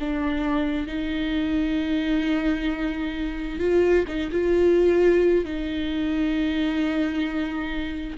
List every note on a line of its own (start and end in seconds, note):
0.00 0.87 D4
0.87 3.60 D#4
3.60 4.05 F4
4.08 4.31 D#4
4.32 5.45 F4
5.45 8.18 D#4